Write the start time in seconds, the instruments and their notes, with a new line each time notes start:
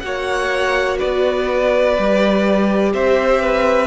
0.00 cello A#3, viola F#4, violin C#5 F#5
0.99 cello B3, violin B4 D5
1.97 cello G3, viola G4
2.94 cello C4, violin C5 E5
3.42 violin B4